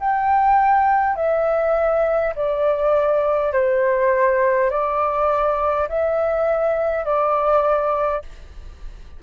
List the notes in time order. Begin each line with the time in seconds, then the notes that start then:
0.00 G5
1.17 E5
2.36 D5
3.53 C5
4.71 D5
5.89 E5
7.05 D5